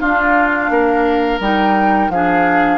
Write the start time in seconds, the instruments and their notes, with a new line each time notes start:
0.00 bassoon D4, clarinet D4, oboe F4, flute F5
0.69 bassoon A#3, oboe A#4
1.39 bassoon G3, clarinet D#4, flute G5
2.09 bassoon F3, clarinet D4, oboe G#4, flute F5